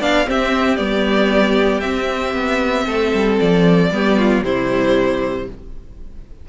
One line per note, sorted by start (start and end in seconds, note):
0.00 0.27 B3
0.00 0.25 D4
0.00 0.26 D5
0.00 0.28 F5
0.25 0.77 C4
0.25 0.79 C4
0.25 2.86 G4
0.25 0.77 E5
0.77 1.83 G3
0.77 1.81 B3
0.77 1.81 D5
1.81 3.91 C4
1.81 2.34 C4
1.81 3.37 E5
2.34 2.86 B3
2.86 3.13 A3
2.86 3.91 A4
3.14 3.40 G3
3.40 3.91 F3
3.40 4.44 D5
3.91 4.43 G3
3.91 4.45 B3
3.91 4.18 G4
4.18 4.44 F4
4.44 5.48 C3
4.44 5.49 G3
4.44 5.49 E4
4.44 5.49 C5